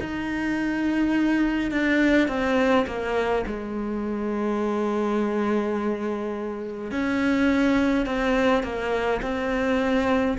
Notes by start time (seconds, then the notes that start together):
0.00 D#4
1.70 D4
2.28 C4
2.86 A#3
3.47 G#3
6.91 C#4
8.06 C4
8.63 A#3
9.22 C4